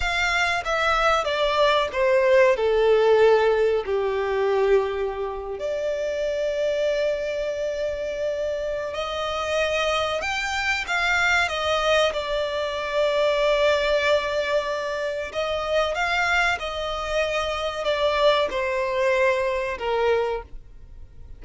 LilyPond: \new Staff \with { instrumentName = "violin" } { \time 4/4 \tempo 4 = 94 f''4 e''4 d''4 c''4 | a'2 g'2~ | g'8. d''2.~ d''16~ | d''2 dis''2 |
g''4 f''4 dis''4 d''4~ | d''1 | dis''4 f''4 dis''2 | d''4 c''2 ais'4 | }